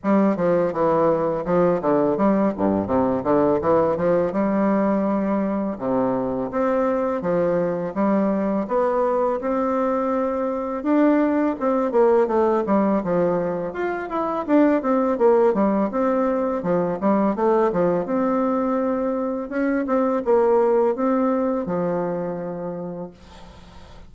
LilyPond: \new Staff \with { instrumentName = "bassoon" } { \time 4/4 \tempo 4 = 83 g8 f8 e4 f8 d8 g8 g,8 | c8 d8 e8 f8 g2 | c4 c'4 f4 g4 | b4 c'2 d'4 |
c'8 ais8 a8 g8 f4 f'8 e'8 | d'8 c'8 ais8 g8 c'4 f8 g8 | a8 f8 c'2 cis'8 c'8 | ais4 c'4 f2 | }